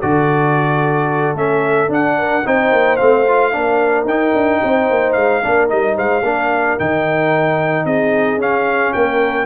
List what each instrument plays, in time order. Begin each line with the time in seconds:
0.00 tuba D3, trombone F#4, horn A4, trumpet D5
1.34 tuba A3, trombone C#4, trumpet E5
1.89 tuba D4, trombone D4, trumpet F#5
2.18 horn A#4
2.45 tuba C4, trombone D#4, horn C5, trumpet G5
2.72 tuba A#3
2.97 tuba A3, trombone C4, trumpet F5
3.28 trombone F4
3.52 tuba A#3, trombone D4, horn A#4
4.05 tuba D#4, trombone D#4, trumpet G5
4.34 tuba D4
4.62 tuba C4, horn C5
4.90 tuba A#3
5.13 tuba G#3, trumpet F5
5.43 tuba A#3, trombone D4, horn A#4
5.68 tuba G3, trombone D#4, trumpet D#5
5.96 tuba G#3, horn C5, trumpet F5
6.22 tuba A#3, trombone D4, horn A#4
6.78 tuba D#3, trombone D#4, trumpet G5
7.85 tuba C4, horn G#4, trumpet D#5
8.38 tuba C#4, trombone C#4, trumpet F5
8.93 tuba A#3, horn A#4, trumpet G5